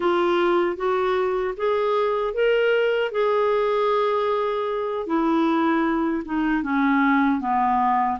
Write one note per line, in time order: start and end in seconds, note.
0.00 0.76 F4
0.76 1.54 F#4
1.56 2.33 G#4
2.33 3.11 A#4
3.11 5.06 G#4
5.06 6.23 E4
6.25 6.63 D#4
6.63 7.40 C#4
7.40 8.18 B3